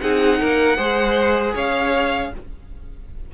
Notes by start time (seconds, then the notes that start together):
0.00 C4 D#4 G#4 F#5
0.39 A#3 A#4
0.77 G#3 G#4 C5
1.54 C#4 C#5 F5